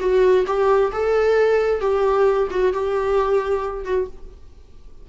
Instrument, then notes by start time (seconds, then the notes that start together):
viola
0.00 F#4
0.47 G4
0.92 A4
1.80 G4
2.51 F#4
2.73 G4
3.85 F#4